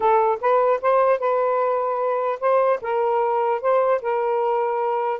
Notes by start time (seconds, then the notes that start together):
0.00 A4
0.40 B4
0.81 C5
1.19 B4
2.40 C5
2.81 A#4
3.61 C5
4.01 A#4